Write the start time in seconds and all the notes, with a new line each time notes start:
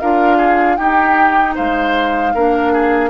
0.00 D4 F4 A#4 F5
0.37 G#4
0.77 D#4 G4 G5
1.55 G#3 C5 F5
2.35 A#3 D4 A#4
2.73 G#4